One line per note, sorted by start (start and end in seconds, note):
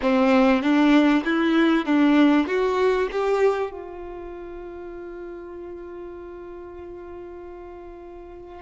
0.02 0.62 C4
0.62 1.24 D4
1.24 1.85 E4
1.85 2.47 D4
2.47 3.08 F#4
3.11 3.71 G4
3.71 8.61 F4